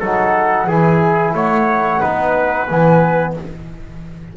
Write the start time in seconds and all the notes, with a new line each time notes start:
0.00 F#3 D#4 A4 F#5
0.67 E3 E4 G#4 G#5
1.34 A3 C#5 F#5
2.00 B3 D#4 B4
2.67 E3 B3 G#5